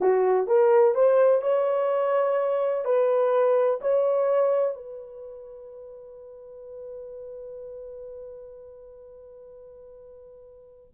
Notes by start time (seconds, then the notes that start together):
0.00 F#4
0.47 A#4
0.95 C5
1.41 C#5
2.84 B4
3.81 C#5
4.74 B4